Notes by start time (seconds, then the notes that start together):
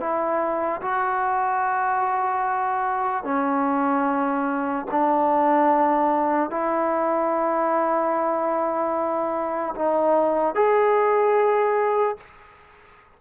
0.00 E4
0.81 F#4
3.24 C#4
4.91 D4
6.50 E4
9.75 D#4
10.55 G#4